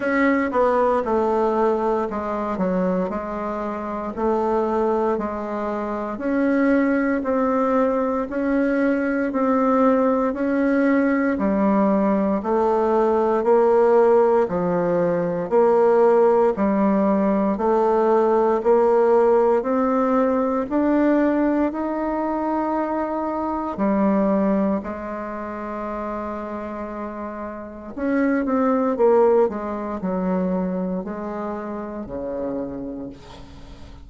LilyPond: \new Staff \with { instrumentName = "bassoon" } { \time 4/4 \tempo 4 = 58 cis'8 b8 a4 gis8 fis8 gis4 | a4 gis4 cis'4 c'4 | cis'4 c'4 cis'4 g4 | a4 ais4 f4 ais4 |
g4 a4 ais4 c'4 | d'4 dis'2 g4 | gis2. cis'8 c'8 | ais8 gis8 fis4 gis4 cis4 | }